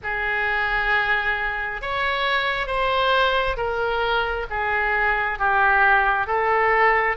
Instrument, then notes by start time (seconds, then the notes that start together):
oboe
0.03 G#4
1.81 C#5
2.66 C5
3.57 A#4
4.50 G#4
5.38 G4
6.26 A4